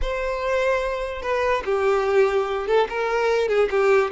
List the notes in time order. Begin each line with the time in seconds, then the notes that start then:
0.01 C5
1.22 B4
1.65 G4
2.67 A4
2.89 A#4
3.48 G#4
3.70 G4